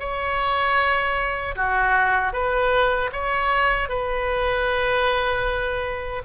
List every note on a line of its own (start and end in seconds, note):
0.00 1.56 C#5
1.56 2.33 F#4
2.33 3.11 B4
3.13 3.89 C#5
3.89 6.23 B4